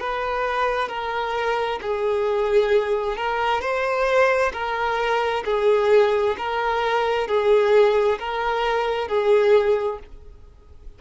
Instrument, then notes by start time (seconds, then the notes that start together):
violin
0.00 B4
0.88 A#4
1.81 G#4
3.17 A#4
3.61 C5
4.53 A#4
5.45 G#4
6.38 A#4
7.28 G#4
8.19 A#4
9.08 G#4